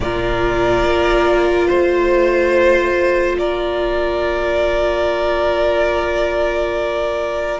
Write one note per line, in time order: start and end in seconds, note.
0.00 0.83 A#2
0.00 7.60 F4
0.00 1.67 A#4
0.00 1.69 D5
0.83 1.67 A#3
1.67 3.39 A3
1.67 3.36 C5
1.67 3.38 C5
3.38 7.60 A#3
3.38 7.60 A#4
3.38 7.60 D5